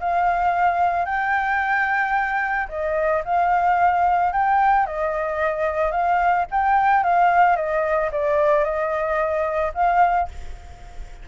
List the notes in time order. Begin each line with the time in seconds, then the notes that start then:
0.00 F5
1.06 G5
2.69 D#5
3.25 F5
4.33 G5
4.86 D#5
5.91 F5
6.51 G5
7.04 F5
7.57 D#5
8.12 D5
8.64 D#5
9.74 F5